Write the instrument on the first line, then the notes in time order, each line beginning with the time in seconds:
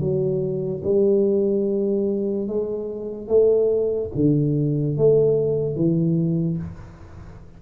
tuba
0.00 F#3
0.84 G3
2.48 G#3
3.28 A3
4.15 D3
4.98 A3
5.76 E3